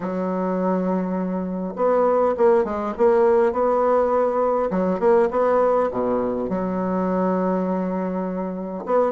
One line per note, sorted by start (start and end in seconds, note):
0.00 1.73 F#3
1.75 2.34 B3
2.37 2.64 A#3
2.64 2.93 G#3
2.97 3.52 A#3
3.52 4.70 B3
4.70 4.99 F#3
4.99 5.28 A#3
5.30 5.89 B3
5.91 6.49 B2
6.49 8.84 F#3
8.85 9.12 B3